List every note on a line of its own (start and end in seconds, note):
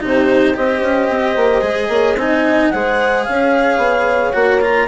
0.00 0.57 C3
0.00 0.54 D#4
0.00 0.55 G4
0.00 0.56 C5
0.54 0.81 C4
0.54 1.61 G4
0.54 1.90 C5
0.54 2.18 D#5
0.81 1.08 C#4
1.09 1.36 C4
1.36 1.62 A#3
1.61 1.88 G#3
1.61 2.15 G#4
1.88 2.15 A#3
1.88 2.17 C#5
2.15 2.69 C4
2.15 2.73 D#4
2.15 2.72 D#5
2.15 2.70 G#5
2.70 3.27 G#3
2.70 4.33 G#4
2.70 3.26 C5
2.70 3.24 F#5
3.24 3.77 C#4
3.24 4.87 C#5
3.24 4.32 F5
3.77 4.31 B3
4.32 4.87 A#3
4.32 4.60 F#4
4.32 4.59 F#5
4.60 4.87 F4
4.60 4.87 A#5